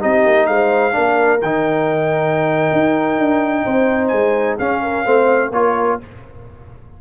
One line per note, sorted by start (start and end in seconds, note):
0.00 0.26 C4
0.00 0.92 D#4
0.00 0.48 G4
0.00 0.47 D#5
0.26 0.48 A#3
0.47 0.95 G#3
0.47 0.95 C5
0.47 1.40 F5
0.92 1.42 A#3
0.92 1.39 D4
0.92 3.64 A#4
1.42 2.71 D#3
1.42 4.60 D#4
1.42 4.08 G5
2.73 3.19 D#4
3.19 3.66 D4
3.65 4.12 C4
3.65 4.58 C5
4.08 4.59 G#3
4.08 4.55 G#5
4.58 5.06 C#4
4.58 5.05 C#4
4.58 4.81 G#4
4.58 5.53 F5
4.83 5.05 A#4
5.05 5.51 A3
5.05 5.52 C4
5.05 5.52 C5
5.51 5.98 A#3
5.51 6.00 F4
5.51 6.01 A#4
5.51 6.00 C#5